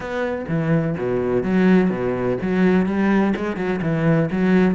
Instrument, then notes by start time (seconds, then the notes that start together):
cello
0.00 B3
0.48 E3
0.97 B2
1.43 F#3
1.90 B2
2.41 F#3
2.86 G3
3.36 G#3
3.56 F#3
3.81 E3
4.31 F#3